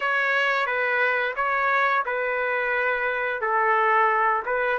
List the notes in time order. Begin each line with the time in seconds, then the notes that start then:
0.00 C#5
0.66 B4
1.36 C#5
2.05 B4
3.41 A4
4.45 B4